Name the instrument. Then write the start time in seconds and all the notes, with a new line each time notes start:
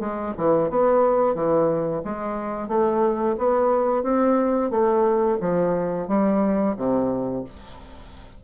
bassoon
0.00 G#3
0.38 E3
0.70 B3
1.35 E3
2.05 G#3
2.69 A3
3.38 B3
4.04 C4
4.71 A3
5.41 F3
6.08 G3
6.77 C3